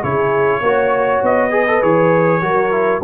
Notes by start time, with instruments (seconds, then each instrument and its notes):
0.00 tuba C#3, trombone E4, horn G#4, trumpet C#5
0.61 tuba A#3, trombone F#4, horn C#5
1.22 tuba B3, trumpet D#5
1.51 trombone G#4, horn B4
1.67 trombone A4
1.81 tuba E3, trombone G#4, trumpet C#5
2.42 tuba F#3, trombone F#4, horn A#4
2.71 trombone E4